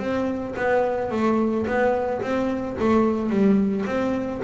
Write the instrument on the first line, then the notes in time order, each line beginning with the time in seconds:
double bass
0.00 C4
0.57 B3
1.12 A3
1.67 B3
2.22 C4
2.80 A3
3.30 G3
3.87 C4